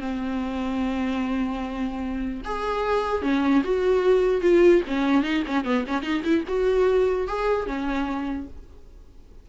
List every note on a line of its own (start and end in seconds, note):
0.00 2.42 C4
2.45 3.22 G#4
3.22 3.62 C#4
3.64 4.41 F#4
4.41 4.81 F4
4.87 5.23 C#4
5.23 5.43 D#4
5.47 5.64 C#4
5.64 5.84 B3
5.87 6.02 C#4
6.02 6.22 D#4
6.24 6.44 E4
6.47 7.27 F#4
7.27 7.66 G#4
7.66 8.47 C#4